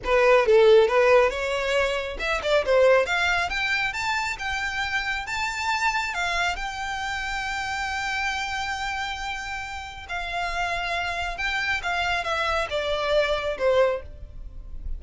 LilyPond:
\new Staff \with { instrumentName = "violin" } { \time 4/4 \tempo 4 = 137 b'4 a'4 b'4 cis''4~ | cis''4 e''8 d''8 c''4 f''4 | g''4 a''4 g''2 | a''2 f''4 g''4~ |
g''1~ | g''2. f''4~ | f''2 g''4 f''4 | e''4 d''2 c''4 | }